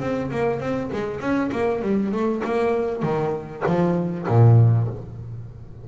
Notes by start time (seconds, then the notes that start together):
0.00 C4
0.31 A#3
0.60 C4
0.92 G#3
1.20 C#4
1.52 A#3
1.82 G3
2.12 A3
2.44 A#3
3.02 D#3
3.66 F3
4.28 A#2